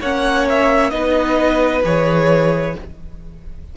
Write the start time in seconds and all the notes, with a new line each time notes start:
0.00 A#3 C#4 C#5 F#5
0.49 E5
0.90 B3 D#4 B4 D#5
1.83 E3 G#4 C#5